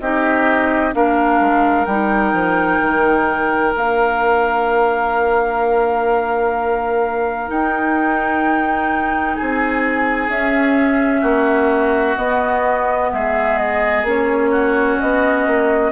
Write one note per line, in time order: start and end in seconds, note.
0.00 0.94 C4
0.00 0.92 D#4
0.00 0.95 G4
0.00 0.94 D#5
0.92 1.40 A#3
0.92 1.86 D4
0.92 9.36 A#4
0.92 1.86 F5
1.40 1.86 G#3
1.86 2.33 G3
1.86 3.75 D#4
1.86 3.73 G5
2.33 2.80 F3
2.81 3.74 D#3
3.75 7.50 A#3
3.75 7.48 D4
3.75 7.50 F5
7.48 10.29 D#4
7.48 9.37 D#4
7.48 9.35 G5
9.35 11.21 G#4
9.35 10.29 G#5
9.41 10.29 C4
10.29 11.22 C#4
10.29 12.17 C#4
10.29 12.17 E5
11.21 12.16 A#3
11.21 13.08 F#4
12.17 14.04 B3
12.17 13.11 B3
12.17 13.11 D#5
13.12 14.03 G#3
13.12 14.51 G#4
13.12 13.58 E5
13.58 14.05 D#5
14.03 14.97 A#3
14.03 15.91 C#4
14.03 15.00 C#5
14.51 15.91 F#4
15.00 15.47 B3
15.00 15.91 D#5
15.47 15.91 A#3